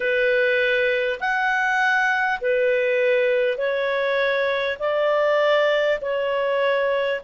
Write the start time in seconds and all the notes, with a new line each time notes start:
0.00 B4
1.20 F#5
2.41 B4
3.57 C#5
4.79 D5
6.01 C#5